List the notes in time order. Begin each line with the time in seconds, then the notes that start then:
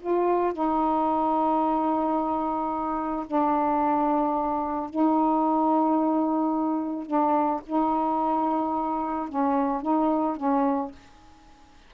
0.00 F4
0.53 D#4
3.26 D4
4.89 D#4
7.06 D4
7.66 D#4
9.29 C#4
9.82 D#4
10.37 C#4